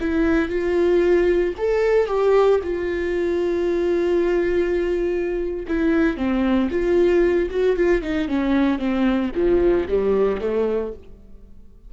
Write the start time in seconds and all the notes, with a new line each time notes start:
0.00 E4
0.49 F4
1.57 A4
2.07 G4
2.63 F4
5.68 E4
6.17 C4
6.71 F4
7.50 F#4
7.76 F4
8.02 D#4
8.28 C#4
8.79 C4
9.35 F3
9.88 G3
10.40 A3